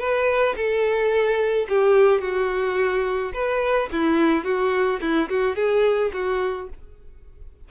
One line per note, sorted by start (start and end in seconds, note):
0.00 0.56 B4
0.57 1.68 A4
1.69 2.22 G4
2.22 3.33 F#4
3.34 3.90 B4
3.93 4.45 E4
4.45 5.01 F#4
5.02 5.30 E4
5.30 5.56 F#4
5.56 6.12 G#4
6.14 6.69 F#4